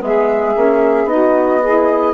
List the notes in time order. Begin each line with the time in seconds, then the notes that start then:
0.00 G#3 B3 G#4 E5
0.55 A#3 C#4
1.05 B3 D#4 D#5
1.11 F#4
1.61 E4 G#4